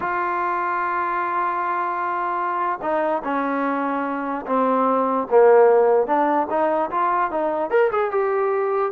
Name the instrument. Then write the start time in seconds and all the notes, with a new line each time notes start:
trombone
0.00 F4
2.82 D#4
3.23 C#4
4.46 C4
5.30 A#3
6.06 D4
6.50 D#4
6.90 F4
7.30 D#4
7.70 A#4
7.91 G#4
8.11 G4